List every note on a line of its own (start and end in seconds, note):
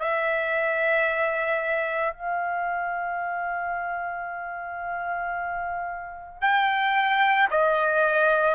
0.00 2.14 E5
2.14 6.42 F5
6.42 7.49 G5
7.51 8.55 D#5